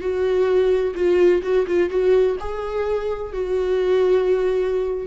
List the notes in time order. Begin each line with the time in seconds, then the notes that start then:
0.00 F#4
0.94 F4
1.42 F#4
1.66 F4
1.89 F#4
2.39 G#4
3.32 F#4